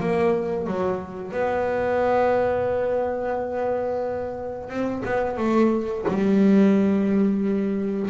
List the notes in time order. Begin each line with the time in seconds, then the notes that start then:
0.00 A#3
0.66 F#3
1.31 B3
4.69 C4
5.04 B3
5.37 A3
6.07 G3